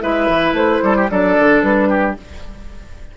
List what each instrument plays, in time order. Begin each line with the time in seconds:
0.00 bassoon G#3, clarinet E4, oboe B4, flute E5
0.28 bassoon E3
0.52 bassoon A3, flute C5
0.82 bassoon G3, oboe A4
0.96 oboe G4
1.09 bassoon F#3, clarinet D4, oboe A4, flute D5
1.39 bassoon D3
1.61 bassoon G3, flute B4
1.89 oboe G4